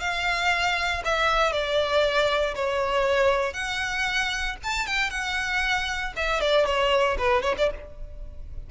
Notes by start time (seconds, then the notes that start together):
0.00 F5
1.04 E5
1.52 D5
2.55 C#5
3.53 F#5
4.63 A5
4.86 G5
5.10 F#5
6.16 E5
6.41 D5
6.66 C#5
7.18 B4
7.42 C#5
7.58 D5